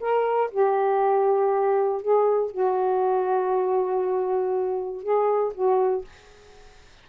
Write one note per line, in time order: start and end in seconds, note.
0.00 0.50 A#4
0.51 2.02 G4
2.02 2.52 G#4
2.52 5.03 F#4
5.03 5.53 G#4
5.54 6.05 F#4